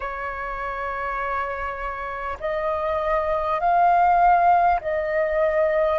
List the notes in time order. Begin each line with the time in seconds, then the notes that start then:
0.00 C#5
2.39 D#5
3.59 F5
4.81 D#5